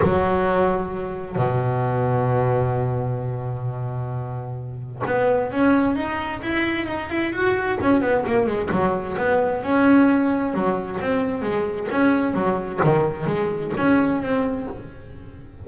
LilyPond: \new Staff \with { instrumentName = "double bass" } { \time 4/4 \tempo 4 = 131 fis2. b,4~ | b,1~ | b,2. b4 | cis'4 dis'4 e'4 dis'8 e'8 |
fis'4 cis'8 b8 ais8 gis8 fis4 | b4 cis'2 fis4 | c'4 gis4 cis'4 fis4 | dis4 gis4 cis'4 c'4 | }